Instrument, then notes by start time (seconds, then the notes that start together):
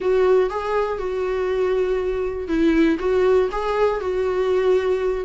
viola
0.00 F#4
0.50 G#4
0.98 F#4
2.48 E4
2.99 F#4
3.51 G#4
4.00 F#4